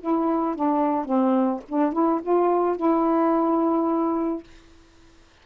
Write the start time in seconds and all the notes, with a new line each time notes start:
0.00 E4
0.56 D4
1.05 C4
1.69 D4
1.93 E4
2.22 F4
2.77 E4